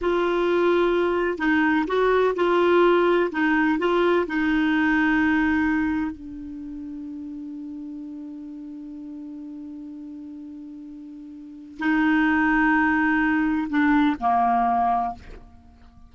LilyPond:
\new Staff \with { instrumentName = "clarinet" } { \time 4/4 \tempo 4 = 127 f'2. dis'4 | fis'4 f'2 dis'4 | f'4 dis'2.~ | dis'4 d'2.~ |
d'1~ | d'1~ | d'4 dis'2.~ | dis'4 d'4 ais2 | }